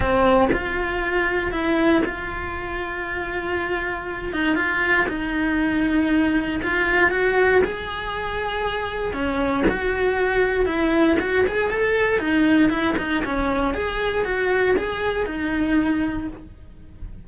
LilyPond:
\new Staff \with { instrumentName = "cello" } { \time 4/4 \tempo 4 = 118 c'4 f'2 e'4 | f'1~ | f'8 dis'8 f'4 dis'2~ | dis'4 f'4 fis'4 gis'4~ |
gis'2 cis'4 fis'4~ | fis'4 e'4 fis'8 gis'8 a'4 | dis'4 e'8 dis'8 cis'4 gis'4 | fis'4 gis'4 dis'2 | }